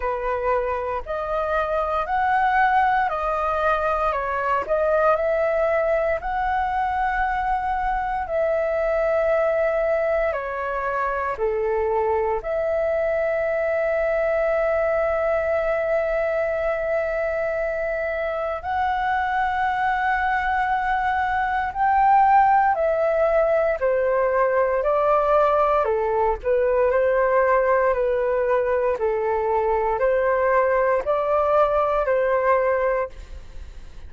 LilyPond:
\new Staff \with { instrumentName = "flute" } { \time 4/4 \tempo 4 = 58 b'4 dis''4 fis''4 dis''4 | cis''8 dis''8 e''4 fis''2 | e''2 cis''4 a'4 | e''1~ |
e''2 fis''2~ | fis''4 g''4 e''4 c''4 | d''4 a'8 b'8 c''4 b'4 | a'4 c''4 d''4 c''4 | }